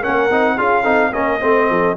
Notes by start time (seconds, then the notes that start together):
0.00 C#4 A#4 F#5
0.07 A#3
0.30 C4 D#4
0.57 C#4 F4 G#4 F5
0.82 C4 D#4 A4
1.12 A#3 C#4 A#4 D#5
1.40 A3 C4 C5
1.69 F3 A4